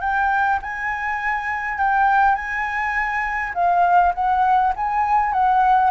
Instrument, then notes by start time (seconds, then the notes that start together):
flute
0.00 G5
0.62 G#5
1.78 G5
2.35 G#5
3.54 F5
4.14 F#5
4.76 G#5
5.32 F#5